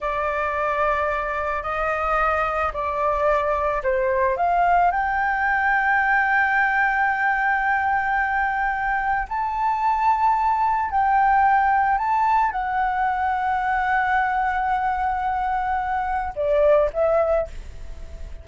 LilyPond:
\new Staff \with { instrumentName = "flute" } { \time 4/4 \tempo 4 = 110 d''2. dis''4~ | dis''4 d''2 c''4 | f''4 g''2.~ | g''1~ |
g''4 a''2. | g''2 a''4 fis''4~ | fis''1~ | fis''2 d''4 e''4 | }